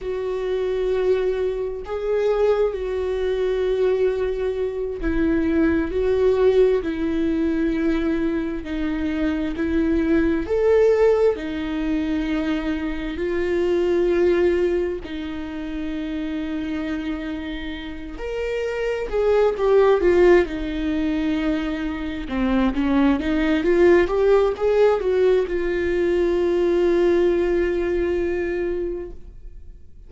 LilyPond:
\new Staff \with { instrumentName = "viola" } { \time 4/4 \tempo 4 = 66 fis'2 gis'4 fis'4~ | fis'4. e'4 fis'4 e'8~ | e'4. dis'4 e'4 a'8~ | a'8 dis'2 f'4.~ |
f'8 dis'2.~ dis'8 | ais'4 gis'8 g'8 f'8 dis'4.~ | dis'8 c'8 cis'8 dis'8 f'8 g'8 gis'8 fis'8 | f'1 | }